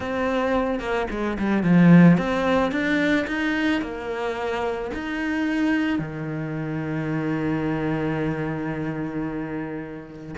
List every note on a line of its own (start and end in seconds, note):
0.00 0.79 C4
0.79 1.06 A#3
1.10 1.37 G#3
1.39 1.63 G3
1.63 2.17 F3
2.17 2.71 C4
2.71 3.26 D4
3.27 3.81 D#4
3.81 4.90 A#3
4.94 5.99 D#4
5.99 10.35 D#3